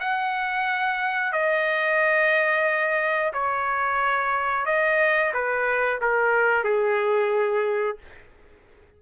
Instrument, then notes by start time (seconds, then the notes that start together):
trumpet
0.00 F#5
1.32 D#5
3.33 C#5
4.66 D#5
5.33 B4
6.01 A#4
6.64 G#4